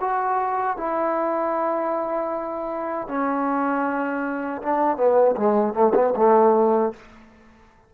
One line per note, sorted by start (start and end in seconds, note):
0.00 0.77 F#4
0.77 3.07 E4
3.08 4.62 C#4
4.62 4.97 D4
4.97 5.35 B3
5.36 5.73 G#3
5.73 5.93 A3
5.94 6.13 B3
6.16 6.93 A3